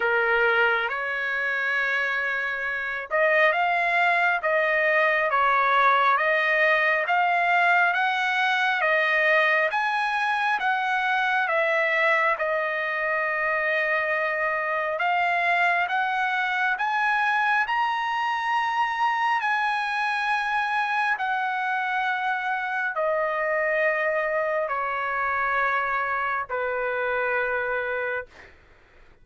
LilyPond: \new Staff \with { instrumentName = "trumpet" } { \time 4/4 \tempo 4 = 68 ais'4 cis''2~ cis''8 dis''8 | f''4 dis''4 cis''4 dis''4 | f''4 fis''4 dis''4 gis''4 | fis''4 e''4 dis''2~ |
dis''4 f''4 fis''4 gis''4 | ais''2 gis''2 | fis''2 dis''2 | cis''2 b'2 | }